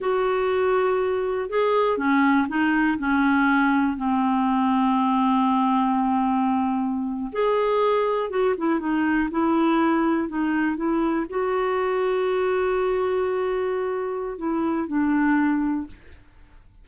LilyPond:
\new Staff \with { instrumentName = "clarinet" } { \time 4/4 \tempo 4 = 121 fis'2. gis'4 | cis'4 dis'4 cis'2 | c'1~ | c'2~ c'8. gis'4~ gis'16~ |
gis'8. fis'8 e'8 dis'4 e'4~ e'16~ | e'8. dis'4 e'4 fis'4~ fis'16~ | fis'1~ | fis'4 e'4 d'2 | }